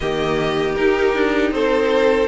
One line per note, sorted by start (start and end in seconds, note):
0.00 0.77 D#3
0.00 0.76 A#3
0.00 1.52 G4
0.00 0.75 D#5
0.75 2.27 D#4
0.75 1.15 D#4
0.75 1.51 A#4
1.15 1.51 D4
1.51 2.27 C4
1.51 2.27 A4
1.51 2.27 C5